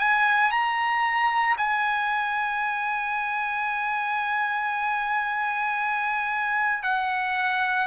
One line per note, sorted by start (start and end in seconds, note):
0.00 0.51 G#5
0.51 1.56 A#5
1.57 6.83 G#5
6.83 7.87 F#5